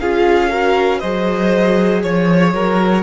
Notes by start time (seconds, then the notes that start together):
0.00 C#4 F4 G#4 F5
0.49 F#4 A#4
0.99 F#3 G#4 C5 D#5
2.03 F3 C#5
2.53 F#3 A#4